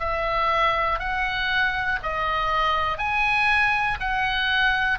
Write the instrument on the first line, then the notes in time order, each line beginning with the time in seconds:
oboe
0.00 E5
0.99 F#5
2.03 D#5
2.98 G#5
4.00 F#5